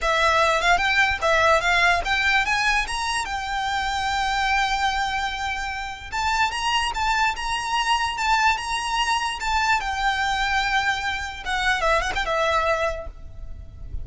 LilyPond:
\new Staff \with { instrumentName = "violin" } { \time 4/4 \tempo 4 = 147 e''4. f''8 g''4 e''4 | f''4 g''4 gis''4 ais''4 | g''1~ | g''2. a''4 |
ais''4 a''4 ais''2 | a''4 ais''2 a''4 | g''1 | fis''4 e''8 fis''16 g''16 e''2 | }